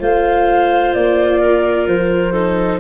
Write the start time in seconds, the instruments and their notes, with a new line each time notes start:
0.00 tuba A3, viola F4, clarinet C5, flute F5
0.94 tuba A#3, flute D5
1.40 clarinet A#4
1.88 tuba F3, flute C5
2.32 viola D#4, clarinet A4